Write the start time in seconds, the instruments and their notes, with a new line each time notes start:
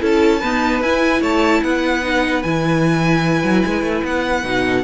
0.00 cello C#4, viola E4, violin A4 A5
0.40 viola B3, cello D#4, violin B4
0.81 cello E4, viola E4, violin G#5
1.21 cello A3, violin C#5 A5
1.63 cello B3, violin B4 F#5
2.03 viola D#4
2.43 cello E3, viola E4, violin G#5
3.43 cello F#3
3.66 cello G#3
3.82 cello A3
4.04 cello B3, violin F#5
4.44 cello B2, viola D#4
4.65 violin A4